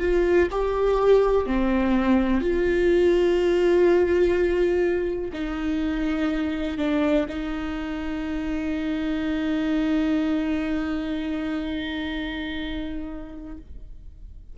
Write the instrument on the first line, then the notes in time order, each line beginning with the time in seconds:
viola
0.00 F4
0.51 G4
1.46 C4
2.41 F4
5.33 D#4
6.78 D4
7.28 D#4